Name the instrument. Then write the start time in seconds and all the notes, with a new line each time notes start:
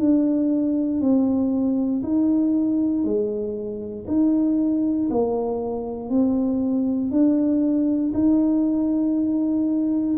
tuba
0.00 D4
1.01 C4
2.03 D#4
3.04 G#3
4.07 D#4
5.10 A#3
6.10 C4
7.11 D4
8.14 D#4